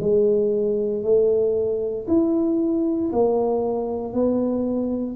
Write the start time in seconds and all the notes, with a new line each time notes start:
0.00 G#3
1.03 A3
2.07 E4
3.12 A#3
4.13 B3